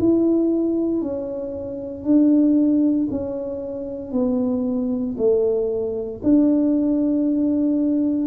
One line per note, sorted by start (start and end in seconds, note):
0.00 1.02 E4
1.02 2.05 C#4
2.05 3.08 D4
3.11 4.12 C#4
4.12 5.16 B3
5.18 6.21 A3
6.24 8.28 D4